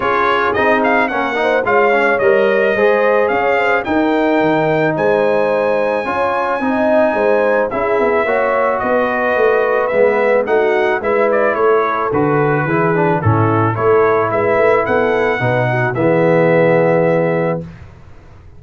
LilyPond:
<<
  \new Staff \with { instrumentName = "trumpet" } { \time 4/4 \tempo 4 = 109 cis''4 dis''8 f''8 fis''4 f''4 | dis''2 f''4 g''4~ | g''4 gis''2.~ | gis''2 e''2 |
dis''2 e''4 fis''4 | e''8 d''8 cis''4 b'2 | a'4 cis''4 e''4 fis''4~ | fis''4 e''2. | }
  \new Staff \with { instrumentName = "horn" } { \time 4/4 gis'2 ais'8 c''8 cis''4~ | cis''4 c''4 cis''8 c''8 ais'4~ | ais'4 c''2 cis''4 | dis''4 c''4 gis'4 cis''4 |
b'2. fis'4 | b'4 a'2 gis'4 | e'4 a'4 b'4 a'4 | b'8 fis'8 gis'2. | }
  \new Staff \with { instrumentName = "trombone" } { \time 4/4 f'4 dis'4 cis'8 dis'8 f'8 cis'8 | ais'4 gis'2 dis'4~ | dis'2. f'4 | dis'2 e'4 fis'4~ |
fis'2 b4 dis'4 | e'2 fis'4 e'8 d'8 | cis'4 e'2. | dis'4 b2. | }
  \new Staff \with { instrumentName = "tuba" } { \time 4/4 cis'4 c'4 ais4 gis4 | g4 gis4 cis'4 dis'4 | dis4 gis2 cis'4 | c'4 gis4 cis'8 b8 ais4 |
b4 a4 gis4 a4 | gis4 a4 d4 e4 | a,4 a4 gis8 a8 b4 | b,4 e2. | }
>>